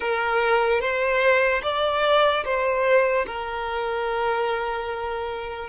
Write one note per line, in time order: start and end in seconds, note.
0.00 0.80 A#4
0.80 1.61 C5
1.63 2.44 D5
2.44 3.25 C5
3.26 5.69 A#4